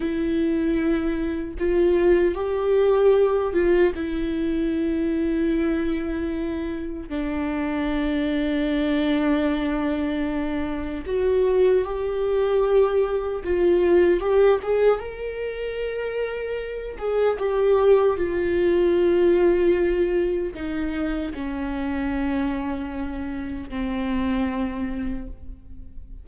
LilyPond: \new Staff \with { instrumentName = "viola" } { \time 4/4 \tempo 4 = 76 e'2 f'4 g'4~ | g'8 f'8 e'2.~ | e'4 d'2.~ | d'2 fis'4 g'4~ |
g'4 f'4 g'8 gis'8 ais'4~ | ais'4. gis'8 g'4 f'4~ | f'2 dis'4 cis'4~ | cis'2 c'2 | }